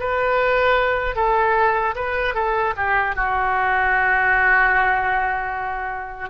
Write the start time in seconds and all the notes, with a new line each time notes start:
0.00 B4
1.16 A4
1.96 B4
2.35 A4
2.77 G4
3.16 F#4